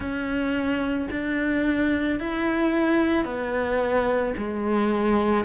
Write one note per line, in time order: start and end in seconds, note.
0.00 1.08 C#4
1.10 2.19 D4
2.19 3.24 E4
3.24 4.33 B3
4.37 5.44 G#3